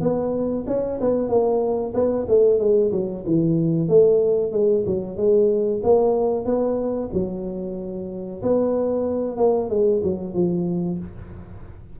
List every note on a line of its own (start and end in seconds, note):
0.00 0.65 B3
0.67 0.99 C#4
1.00 1.28 B3
1.28 1.93 A#3
1.94 2.26 B3
2.28 2.59 A3
2.59 2.91 G#3
2.91 3.23 F#3
3.26 3.88 E3
3.88 4.52 A3
4.52 4.84 G#3
4.86 5.16 F#3
5.16 5.81 G#3
5.83 6.45 A#3
6.45 7.09 B3
7.13 8.42 F#3
8.42 9.37 B3
9.37 9.69 A#3
9.69 10.01 G#3
10.03 10.33 F#3
10.33 10.98 F3